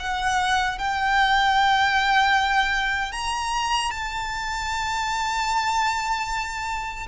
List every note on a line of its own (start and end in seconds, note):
0.00 0.79 F#5
0.79 3.13 G5
3.13 3.91 A#5
3.91 7.07 A5